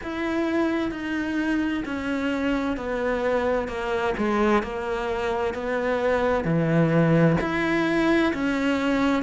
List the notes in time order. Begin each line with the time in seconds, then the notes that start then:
0.03 E4
0.91 D#4
1.85 C#4
2.77 B3
3.68 A#3
4.17 G#3
4.62 A#3
5.53 B3
6.44 E3
7.41 E4
8.33 C#4